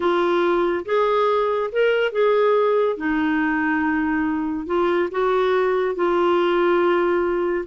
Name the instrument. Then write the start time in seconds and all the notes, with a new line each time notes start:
clarinet
0.00 F4
0.85 G#4
1.71 A#4
2.12 G#4
2.97 D#4
4.66 F4
5.11 F#4
5.95 F4